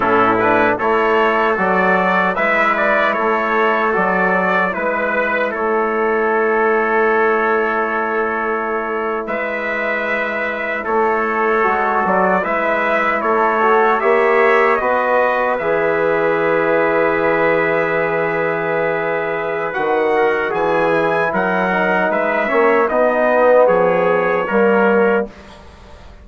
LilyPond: <<
  \new Staff \with { instrumentName = "trumpet" } { \time 4/4 \tempo 4 = 76 a'8 b'8 cis''4 d''4 e''8 d''8 | cis''4 d''4 b'4 cis''4~ | cis''2.~ cis''8. e''16~ | e''4.~ e''16 cis''4. d''8 e''16~ |
e''8. cis''4 e''4 dis''4 e''16~ | e''1~ | e''4 fis''4 gis''4 fis''4 | e''4 dis''4 cis''2 | }
  \new Staff \with { instrumentName = "trumpet" } { \time 4/4 e'4 a'2 b'4 | a'2 b'4 a'4~ | a'2.~ a'8. b'16~ | b'4.~ b'16 a'2 b'16~ |
b'8. a'4 cis''4 b'4~ b'16~ | b'1~ | b'4. ais'8 gis'4 ais'4 | b'8 cis''8 dis'4 gis'4 ais'4 | }
  \new Staff \with { instrumentName = "trombone" } { \time 4/4 cis'8 d'8 e'4 fis'4 e'4~ | e'4 fis'4 e'2~ | e'1~ | e'2~ e'8. fis'4 e'16~ |
e'4~ e'16 fis'8 g'4 fis'4 gis'16~ | gis'1~ | gis'4 fis'4. e'4 dis'8~ | dis'8 cis'8 b2 ais4 | }
  \new Staff \with { instrumentName = "bassoon" } { \time 4/4 a,4 a4 fis4 gis4 | a4 fis4 gis4 a4~ | a2.~ a8. gis16~ | gis4.~ gis16 a4 gis8 fis8 gis16~ |
gis8. a4 ais4 b4 e16~ | e1~ | e4 dis4 e4 fis4 | gis8 ais8 b4 f4 g4 | }
>>